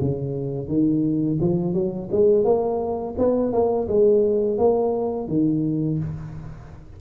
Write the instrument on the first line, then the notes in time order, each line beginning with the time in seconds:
tuba
0.00 C#3
0.68 D#3
1.41 F3
1.74 F#3
2.11 G#3
2.44 A#3
3.18 B3
3.52 A#3
3.88 G#3
4.58 A#3
5.28 D#3